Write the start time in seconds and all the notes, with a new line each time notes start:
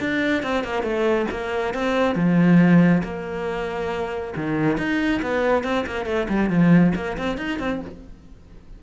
0.00 D4
0.43 C4
0.64 A#3
0.83 A3
1.31 A#3
1.74 C4
2.15 F3
3.03 A#3
4.36 D#3
4.78 D#4
5.22 B3
5.63 C4
5.86 A#3
6.06 A3
6.29 G3
6.50 F3
6.95 A#3
7.18 C4
7.37 D#4
7.59 C4